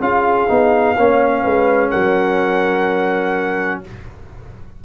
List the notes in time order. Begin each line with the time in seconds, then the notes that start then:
0.00 C#4 F4 G#4 F5
0.48 B3 D#4
0.97 A#3 C#4 C#5
1.42 G#3 B4
1.90 F#3 A#4 F#5